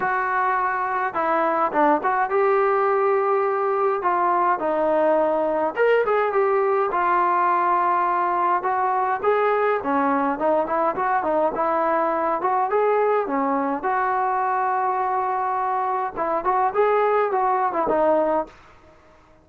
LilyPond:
\new Staff \with { instrumentName = "trombone" } { \time 4/4 \tempo 4 = 104 fis'2 e'4 d'8 fis'8 | g'2. f'4 | dis'2 ais'8 gis'8 g'4 | f'2. fis'4 |
gis'4 cis'4 dis'8 e'8 fis'8 dis'8 | e'4. fis'8 gis'4 cis'4 | fis'1 | e'8 fis'8 gis'4 fis'8. e'16 dis'4 | }